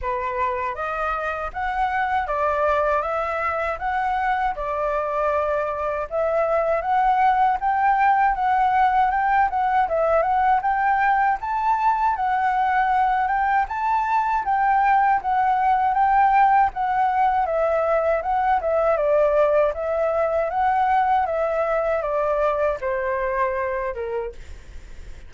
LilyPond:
\new Staff \with { instrumentName = "flute" } { \time 4/4 \tempo 4 = 79 b'4 dis''4 fis''4 d''4 | e''4 fis''4 d''2 | e''4 fis''4 g''4 fis''4 | g''8 fis''8 e''8 fis''8 g''4 a''4 |
fis''4. g''8 a''4 g''4 | fis''4 g''4 fis''4 e''4 | fis''8 e''8 d''4 e''4 fis''4 | e''4 d''4 c''4. ais'8 | }